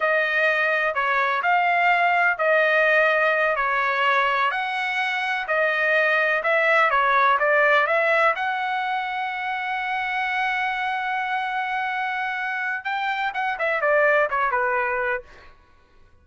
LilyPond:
\new Staff \with { instrumentName = "trumpet" } { \time 4/4 \tempo 4 = 126 dis''2 cis''4 f''4~ | f''4 dis''2~ dis''8 cis''8~ | cis''4. fis''2 dis''8~ | dis''4. e''4 cis''4 d''8~ |
d''8 e''4 fis''2~ fis''8~ | fis''1~ | fis''2. g''4 | fis''8 e''8 d''4 cis''8 b'4. | }